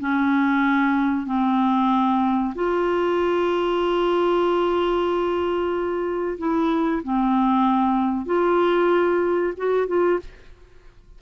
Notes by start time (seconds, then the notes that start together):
0.00 C#4
1.26 C4
2.55 F4
6.39 E4
7.04 C4
8.26 F4
9.57 F#4
9.88 F4